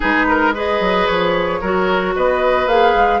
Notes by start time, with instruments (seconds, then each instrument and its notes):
0.00 bassoon G#3, clarinet D#4, oboe G#4, flute B4
0.28 oboe A#4
0.54 clarinet G#4, oboe B4, flute D#5
0.80 bassoon F#3
1.06 bassoon F3, flute C#5
1.60 bassoon F#3, clarinet F#4, oboe A#4
2.15 bassoon B3, oboe B4, flute D#5
2.66 bassoon A#3, clarinet G#4, flute F5
2.95 bassoon G#3